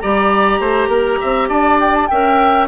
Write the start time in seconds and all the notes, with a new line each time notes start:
0.00 G3 G4 D5 A#5
0.60 A3 C5
0.88 A#3 A#4
1.21 C4 E5
1.49 D4 D5 A5
1.80 G5
1.95 A5
2.08 C#4 A#4 E5 G5